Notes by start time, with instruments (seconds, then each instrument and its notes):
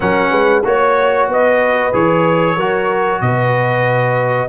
0.00 tuba F#3, trombone C#4, horn A#4, trumpet F#5
0.30 tuba G#3, horn B4
0.63 tuba A#3, trombone F#4, trumpet C#5, horn C#5
1.27 tuba B3, horn B4, trumpet D#5
1.92 tuba E3, trombone G#4, trumpet C#5
2.55 tuba F#3, trombone F#4, horn A#4
3.21 tuba B2, horn B4, trumpet D#5